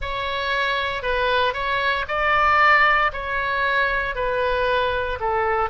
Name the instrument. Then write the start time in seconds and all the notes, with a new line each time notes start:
oboe
0.01 C#5
1.02 B4
1.53 C#5
2.08 D5
3.13 C#5
4.15 B4
5.20 A4